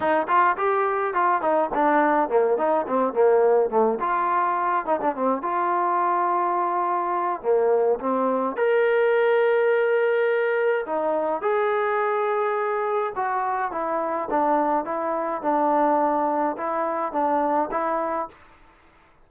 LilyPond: \new Staff \with { instrumentName = "trombone" } { \time 4/4 \tempo 4 = 105 dis'8 f'8 g'4 f'8 dis'8 d'4 | ais8 dis'8 c'8 ais4 a8 f'4~ | f'8 dis'16 d'16 c'8 f'2~ f'8~ | f'4 ais4 c'4 ais'4~ |
ais'2. dis'4 | gis'2. fis'4 | e'4 d'4 e'4 d'4~ | d'4 e'4 d'4 e'4 | }